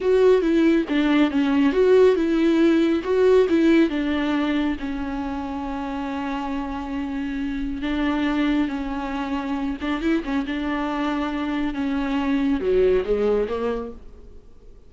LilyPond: \new Staff \with { instrumentName = "viola" } { \time 4/4 \tempo 4 = 138 fis'4 e'4 d'4 cis'4 | fis'4 e'2 fis'4 | e'4 d'2 cis'4~ | cis'1~ |
cis'2 d'2 | cis'2~ cis'8 d'8 e'8 cis'8 | d'2. cis'4~ | cis'4 fis4 gis4 ais4 | }